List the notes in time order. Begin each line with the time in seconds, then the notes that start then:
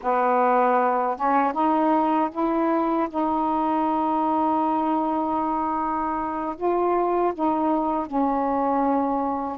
0.02 B3
1.16 C#4
1.52 D#4
2.31 E4
3.09 D#4
6.56 F4
7.34 D#4
8.06 C#4